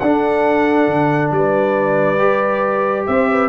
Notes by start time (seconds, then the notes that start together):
0.00 D4 A4 F#5
0.87 D3
1.31 G3 B4 D5
2.18 G4
3.06 C4 C5 E5
3.31 B4